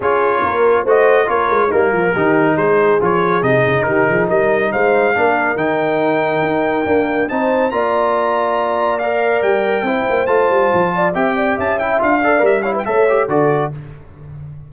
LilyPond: <<
  \new Staff \with { instrumentName = "trumpet" } { \time 4/4 \tempo 4 = 140 cis''2 dis''4 cis''4 | ais'2 c''4 cis''4 | dis''4 ais'4 dis''4 f''4~ | f''4 g''2.~ |
g''4 a''4 ais''2~ | ais''4 f''4 g''2 | a''2 g''4 a''8 g''8 | f''4 e''8 f''16 g''16 e''4 d''4 | }
  \new Staff \with { instrumentName = "horn" } { \time 4/4 gis'4 ais'4 c''4 ais'4 | dis'8 f'8 g'4 gis'2~ | gis'4 g'8 gis'8 ais'4 c''4 | ais'1~ |
ais'4 c''4 d''2~ | d''2. c''4~ | c''4. d''8 e''8 d''8 e''4~ | e''8 d''4 cis''16 b'16 cis''4 a'4 | }
  \new Staff \with { instrumentName = "trombone" } { \time 4/4 f'2 fis'4 f'4 | ais4 dis'2 f'4 | dis'1 | d'4 dis'2. |
ais4 dis'4 f'2~ | f'4 ais'2 e'4 | f'2 g'4. e'8 | f'8 a'8 ais'8 e'8 a'8 g'8 fis'4 | }
  \new Staff \with { instrumentName = "tuba" } { \time 4/4 cis'4 ais4 a4 ais8 gis8 | g8 f8 dis4 gis4 f4 | c8 cis8 dis8 f8 g4 gis4 | ais4 dis2 dis'4 |
d'4 c'4 ais2~ | ais2 g4 c'8 ais8 | a8 g8 f4 c'4 cis'4 | d'4 g4 a4 d4 | }
>>